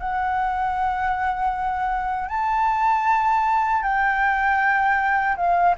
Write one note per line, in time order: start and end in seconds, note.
0.00 2.29 F#5
2.29 3.83 A5
3.83 5.37 G5
5.37 5.76 F5